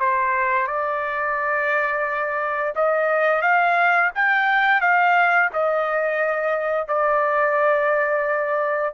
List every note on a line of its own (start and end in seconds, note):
0.00 0.67 C5
0.67 2.74 D5
2.76 3.42 D#5
3.42 4.11 F5
4.15 4.82 G5
4.82 5.50 F5
5.53 6.88 D#5
6.88 8.94 D5